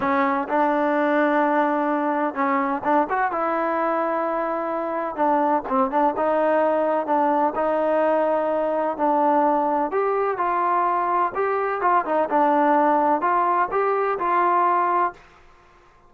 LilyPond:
\new Staff \with { instrumentName = "trombone" } { \time 4/4 \tempo 4 = 127 cis'4 d'2.~ | d'4 cis'4 d'8 fis'8 e'4~ | e'2. d'4 | c'8 d'8 dis'2 d'4 |
dis'2. d'4~ | d'4 g'4 f'2 | g'4 f'8 dis'8 d'2 | f'4 g'4 f'2 | }